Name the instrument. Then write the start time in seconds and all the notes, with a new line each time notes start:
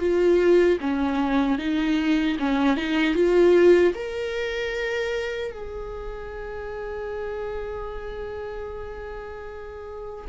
viola
0.00 F4
0.81 C#4
1.59 D#4
2.39 C#4
2.77 D#4
3.15 F4
3.95 A#4
5.52 G#4